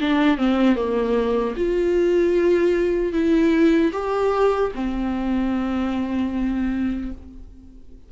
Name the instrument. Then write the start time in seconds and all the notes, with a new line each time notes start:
viola
0.00 D4
0.37 C4
0.75 A#3
1.56 F4
3.12 E4
3.92 G4
4.74 C4